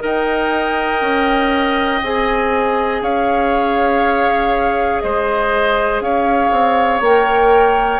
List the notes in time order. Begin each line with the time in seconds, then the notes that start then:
0.00 D#4 A#4 D#5 G5
1.01 C#4
2.02 C4 G#4 G#5
3.01 C#4 C#5 F5
5.00 G#3 C5 D#5
6.01 C#4 C#5 F5
6.51 C4
7.00 A#3 A#4 G5